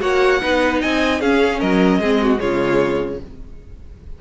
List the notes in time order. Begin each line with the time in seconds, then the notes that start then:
0.00 A#3 F#4 C#5 F#5
0.41 B3 D#4 B4
0.81 C4 D#5 G#5
1.21 C#4 G#4 F5
1.60 F#3 A#4 D#5
1.99 G#3 C4 G#4
2.22 F#4
2.37 C#3 G#3 F4 C#5